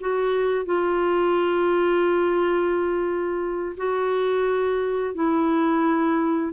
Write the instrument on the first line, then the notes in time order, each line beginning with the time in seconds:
clarinet
0.00 F#4
0.66 F4
3.77 F#4
5.14 E4